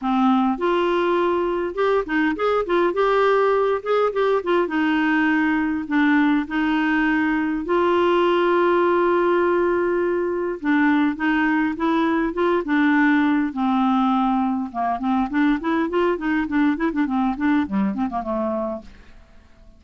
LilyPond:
\new Staff \with { instrumentName = "clarinet" } { \time 4/4 \tempo 4 = 102 c'4 f'2 g'8 dis'8 | gis'8 f'8 g'4. gis'8 g'8 f'8 | dis'2 d'4 dis'4~ | dis'4 f'2.~ |
f'2 d'4 dis'4 | e'4 f'8 d'4. c'4~ | c'4 ais8 c'8 d'8 e'8 f'8 dis'8 | d'8 e'16 d'16 c'8 d'8 g8 c'16 ais16 a4 | }